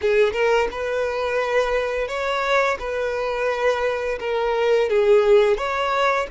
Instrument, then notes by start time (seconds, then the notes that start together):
violin
0.01 G#4
0.33 A#4
0.71 B4
2.07 C#5
2.79 B4
4.19 A#4
4.89 G#4
5.57 C#5